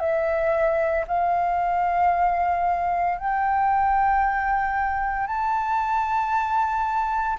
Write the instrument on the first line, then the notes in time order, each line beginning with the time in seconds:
flute
0.00 E5
1.08 F5
3.18 G5
5.27 A5